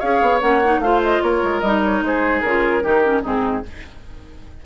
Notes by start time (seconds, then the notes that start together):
0.00 C#4 G#4 C#5 F5
0.22 B3
0.41 A#3 C#4 F#5
0.65 D#4
0.79 A3 F4 C5 F5
1.04 D#5
1.23 A#3 A#4 C#5
1.44 G#3
1.61 G3 D#4 D#5
1.84 C#5
2.02 G#3 G#4 C5
2.41 C#3 A#4
2.47 F4
2.83 D#3 D#4 G4
3.05 C#4
3.23 G#2 C4 D#4 G#4